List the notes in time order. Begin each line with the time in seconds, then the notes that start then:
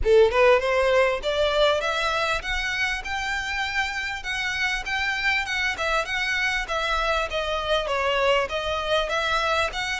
0.04 A4
0.31 B4
0.59 C5
1.22 D5
1.80 E5
2.42 F#5
3.04 G5
4.23 F#5
4.85 G5
5.45 F#5
5.77 E5
6.05 F#5
6.67 E5
7.30 D#5
7.87 C#5
8.49 D#5
9.09 E5
9.72 F#5